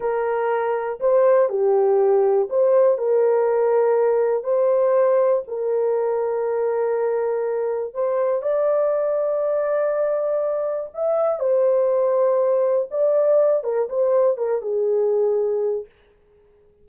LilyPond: \new Staff \with { instrumentName = "horn" } { \time 4/4 \tempo 4 = 121 ais'2 c''4 g'4~ | g'4 c''4 ais'2~ | ais'4 c''2 ais'4~ | ais'1 |
c''4 d''2.~ | d''2 e''4 c''4~ | c''2 d''4. ais'8 | c''4 ais'8 gis'2~ gis'8 | }